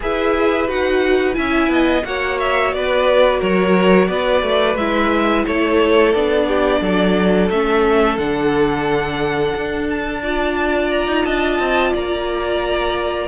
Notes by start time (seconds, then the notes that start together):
0.00 E4 G#4 B4 E5
0.68 D#4 F#4 F#5
1.33 C#4 E4 E5 G#5
1.68 B3 D#5
2.04 A#3 F#4 C#5 F#5
2.39 E5
2.72 B3 B4 D5
3.39 F#3 A#4 C#5
4.07 B3 B4 D5
4.42 A3
4.75 G#3 E4 E5
5.46 A3 A4 C#5
6.12 B3 D4 D5
6.47 G4
6.81 F#3 A4
7.50 A3 C#4 E5
8.17 D3 D4 F#5
9.54 D4
9.90 A5
10.22 F4 D5
10.91 A#5
11.07 D#4
11.24 D4 D#5 A5
11.59 C4
11.92 A#3 D5 A#5